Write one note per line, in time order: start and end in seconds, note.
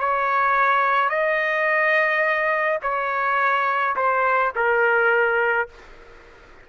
0.00 1.10 C#5
1.10 2.79 D#5
2.83 3.96 C#5
3.97 4.53 C5
4.56 5.69 A#4